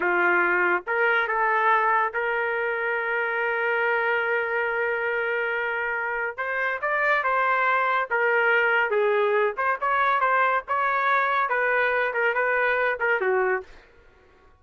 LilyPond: \new Staff \with { instrumentName = "trumpet" } { \time 4/4 \tempo 4 = 141 f'2 ais'4 a'4~ | a'4 ais'2.~ | ais'1~ | ais'2. c''4 |
d''4 c''2 ais'4~ | ais'4 gis'4. c''8 cis''4 | c''4 cis''2 b'4~ | b'8 ais'8 b'4. ais'8 fis'4 | }